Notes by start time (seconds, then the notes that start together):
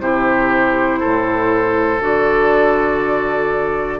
0.00 C3 E4 G4 C5
0.99 A2 A4
2.00 D3 F#4 D5